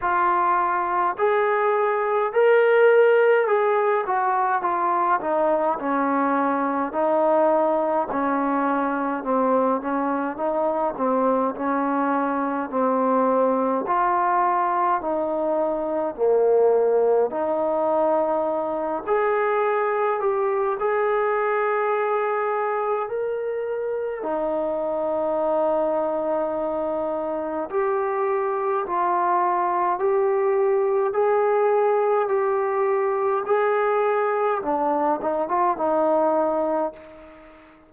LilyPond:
\new Staff \with { instrumentName = "trombone" } { \time 4/4 \tempo 4 = 52 f'4 gis'4 ais'4 gis'8 fis'8 | f'8 dis'8 cis'4 dis'4 cis'4 | c'8 cis'8 dis'8 c'8 cis'4 c'4 | f'4 dis'4 ais4 dis'4~ |
dis'8 gis'4 g'8 gis'2 | ais'4 dis'2. | g'4 f'4 g'4 gis'4 | g'4 gis'4 d'8 dis'16 f'16 dis'4 | }